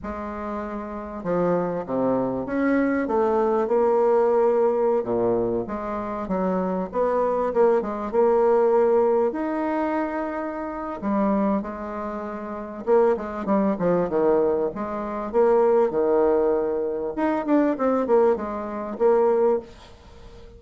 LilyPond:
\new Staff \with { instrumentName = "bassoon" } { \time 4/4 \tempo 4 = 98 gis2 f4 c4 | cis'4 a4 ais2~ | ais16 ais,4 gis4 fis4 b8.~ | b16 ais8 gis8 ais2 dis'8.~ |
dis'2 g4 gis4~ | gis4 ais8 gis8 g8 f8 dis4 | gis4 ais4 dis2 | dis'8 d'8 c'8 ais8 gis4 ais4 | }